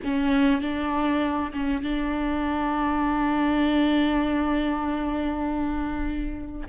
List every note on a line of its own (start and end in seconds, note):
0.03 0.61 C#4
0.61 1.52 D4
1.53 1.83 C#4
1.83 6.67 D4